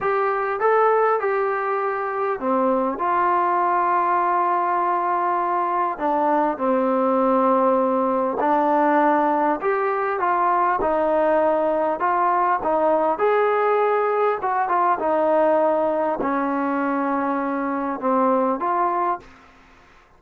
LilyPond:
\new Staff \with { instrumentName = "trombone" } { \time 4/4 \tempo 4 = 100 g'4 a'4 g'2 | c'4 f'2.~ | f'2 d'4 c'4~ | c'2 d'2 |
g'4 f'4 dis'2 | f'4 dis'4 gis'2 | fis'8 f'8 dis'2 cis'4~ | cis'2 c'4 f'4 | }